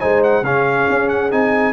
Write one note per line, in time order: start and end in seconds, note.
0.00 0.43 G#3
0.00 0.44 D#4
0.00 0.43 C5
0.00 0.22 G#5
0.23 0.45 F#5
0.43 0.87 C#3
0.43 1.31 C#4
0.43 1.73 G#4
0.43 1.09 F5
0.90 1.32 C#4
1.09 1.31 F#5
1.31 1.73 C4
1.31 1.73 D#4
1.31 1.73 G#5